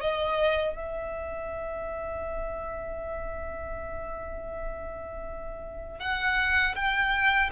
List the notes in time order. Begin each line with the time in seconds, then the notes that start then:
0.00 D#5
0.75 E5
6.00 F#5
6.75 G5